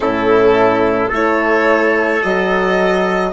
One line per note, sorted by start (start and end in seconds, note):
0.00 1.10 A2
0.00 1.11 C#4
0.00 1.08 E4
0.00 1.11 A4
1.08 2.22 A3
1.08 2.22 E4
1.08 3.31 A4
1.08 2.22 C#5
2.22 3.32 F#3
2.22 3.32 F#4
2.22 3.32 D#5